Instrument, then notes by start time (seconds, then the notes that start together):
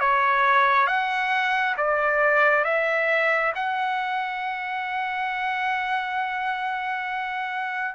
trumpet
0.00 C#5
0.87 F#5
1.78 D5
2.65 E5
3.56 F#5